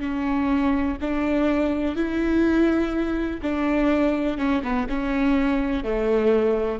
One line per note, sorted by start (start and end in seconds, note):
0.00 0.97 C#4
1.01 1.96 D4
1.96 3.41 E4
3.42 4.38 D4
4.38 4.62 C#4
4.63 4.87 B3
4.89 5.84 C#4
5.84 6.79 A3